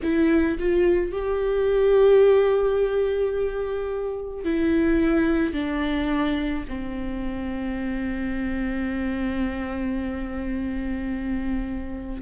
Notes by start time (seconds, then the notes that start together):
0.03 E4
0.59 F4
1.12 G4
4.44 E4
5.53 D4
6.68 C4